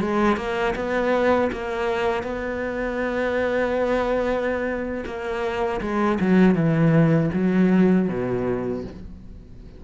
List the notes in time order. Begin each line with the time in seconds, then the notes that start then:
0.00 G#3
0.36 A#3
0.75 B3
1.52 A#3
2.23 B3
5.06 A#3
5.81 G#3
6.20 F#3
6.55 E3
7.33 F#3
8.09 B2